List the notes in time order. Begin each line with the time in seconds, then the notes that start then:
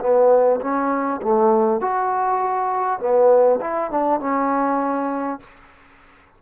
0.00 B3
0.61 C#4
1.22 A3
1.80 F#4
2.99 B3
3.61 E4
3.91 D4
4.19 C#4